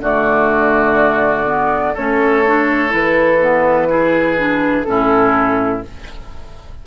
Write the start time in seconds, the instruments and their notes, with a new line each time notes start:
0.00 bassoon D3, clarinet A3, oboe F#4, flute D5
1.45 clarinet B3
1.94 bassoon A3, clarinet C#4, oboe A4, flute C#5
2.46 clarinet D4
2.89 bassoon E3, clarinet E4, flute B4
3.41 clarinet B3
3.88 clarinet E4, oboe G#4
4.37 clarinet D4
4.82 bassoon A2, clarinet C#4, flute A4
4.90 oboe E4